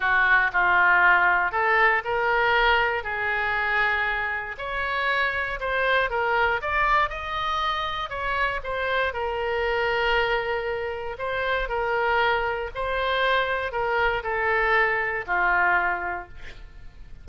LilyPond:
\new Staff \with { instrumentName = "oboe" } { \time 4/4 \tempo 4 = 118 fis'4 f'2 a'4 | ais'2 gis'2~ | gis'4 cis''2 c''4 | ais'4 d''4 dis''2 |
cis''4 c''4 ais'2~ | ais'2 c''4 ais'4~ | ais'4 c''2 ais'4 | a'2 f'2 | }